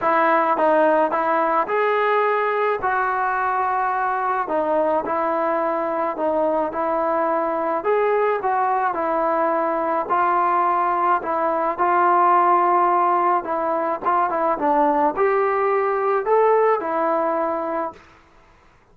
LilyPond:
\new Staff \with { instrumentName = "trombone" } { \time 4/4 \tempo 4 = 107 e'4 dis'4 e'4 gis'4~ | gis'4 fis'2. | dis'4 e'2 dis'4 | e'2 gis'4 fis'4 |
e'2 f'2 | e'4 f'2. | e'4 f'8 e'8 d'4 g'4~ | g'4 a'4 e'2 | }